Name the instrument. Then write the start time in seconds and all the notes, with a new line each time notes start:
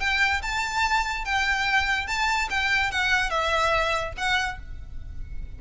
violin
0.00 G5
0.42 A5
1.25 G5
2.07 A5
2.50 G5
2.91 F#5
3.30 E5
4.17 F#5